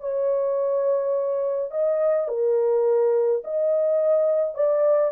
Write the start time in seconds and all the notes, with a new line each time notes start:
0.00 C#5
1.71 D#5
2.28 A#4
3.44 D#5
4.54 D5